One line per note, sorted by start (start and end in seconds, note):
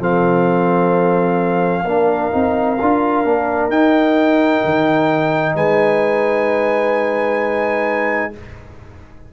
0.00 1.84 F3
0.00 1.85 C4
0.00 1.85 A4
0.00 3.71 F5
1.84 2.30 A#3
1.84 2.31 D4
1.84 5.55 A#4
2.31 2.81 C4
2.31 2.77 D#4
2.81 3.25 D4
2.81 3.25 F4
3.25 3.69 A#3
3.25 3.71 D4
3.69 4.61 D#4
3.69 8.33 D#4
3.69 5.55 G5
4.65 5.55 D#3
5.55 8.32 G#3
5.55 8.32 B4
5.55 8.33 G#5